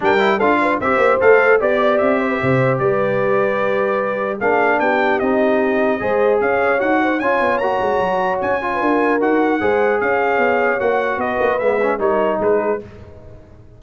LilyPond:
<<
  \new Staff \with { instrumentName = "trumpet" } { \time 4/4 \tempo 4 = 150 g''4 f''4 e''4 f''4 | d''4 e''2 d''4~ | d''2. f''4 | g''4 dis''2. |
f''4 fis''4 gis''4 ais''4~ | ais''4 gis''2 fis''4~ | fis''4 f''2 fis''4 | dis''4 e''4 cis''4 b'4 | }
  \new Staff \with { instrumentName = "horn" } { \time 4/4 ais'4 a'8 b'8 c''2 | d''4. c''16 b'16 c''4 b'4~ | b'2. gis'4 | g'2. c''4 |
cis''4. c''8 cis''2~ | cis''4.~ cis''16 b'16 ais'2 | c''4 cis''2. | b'2 ais'4 gis'4 | }
  \new Staff \with { instrumentName = "trombone" } { \time 4/4 d'8 e'8 f'4 g'4 a'4 | g'1~ | g'2. d'4~ | d'4 dis'2 gis'4~ |
gis'4 fis'4 f'4 fis'4~ | fis'4. f'4. fis'4 | gis'2. fis'4~ | fis'4 b8 cis'8 dis'2 | }
  \new Staff \with { instrumentName = "tuba" } { \time 4/4 g4 d'4 c'8 ais8 a4 | b4 c'4 c4 g4~ | g2. ais4 | b4 c'2 gis4 |
cis'4 dis'4 cis'8 b8 ais8 gis8 | fis4 cis'4 d'4 dis'4 | gis4 cis'4 b4 ais4 | b8 ais8 gis4 g4 gis4 | }
>>